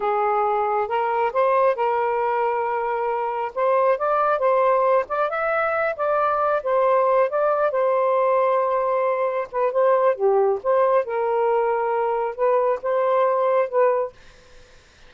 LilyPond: \new Staff \with { instrumentName = "saxophone" } { \time 4/4 \tempo 4 = 136 gis'2 ais'4 c''4 | ais'1 | c''4 d''4 c''4. d''8 | e''4. d''4. c''4~ |
c''8 d''4 c''2~ c''8~ | c''4. b'8 c''4 g'4 | c''4 ais'2. | b'4 c''2 b'4 | }